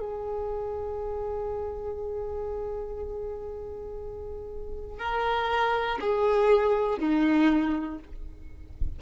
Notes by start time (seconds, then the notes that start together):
0.00 G#4
4.99 A#4
6.00 G#4
7.00 D#4